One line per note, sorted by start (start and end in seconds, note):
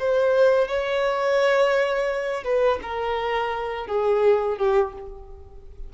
0.00 0.68 C5
0.68 2.44 C#5
2.44 2.79 B4
2.83 3.87 A#4
3.87 4.58 G#4
4.58 4.93 G4